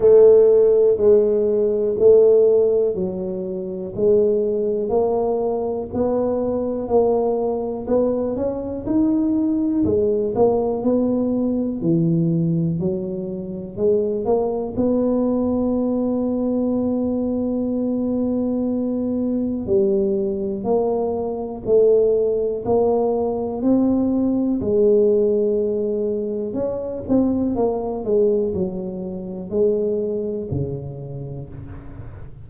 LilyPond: \new Staff \with { instrumentName = "tuba" } { \time 4/4 \tempo 4 = 61 a4 gis4 a4 fis4 | gis4 ais4 b4 ais4 | b8 cis'8 dis'4 gis8 ais8 b4 | e4 fis4 gis8 ais8 b4~ |
b1 | g4 ais4 a4 ais4 | c'4 gis2 cis'8 c'8 | ais8 gis8 fis4 gis4 cis4 | }